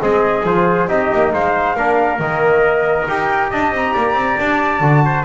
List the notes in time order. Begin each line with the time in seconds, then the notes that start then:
0.00 G#3 C4 G#4 D#5
0.43 F3 F4 C5
0.87 C4 D#4 G4 D#5
1.14 A#3
1.32 G#3 C5 F5
1.76 A#3 D4 A#4
2.18 D#3 A#3 D#5
3.07 D#4 G4 G5
3.50 D4 D#5 A5
3.71 C4 A#5
3.93 A#3 D5
4.14 C4
4.38 D4 A5
4.80 D3 F#4
5.05 C5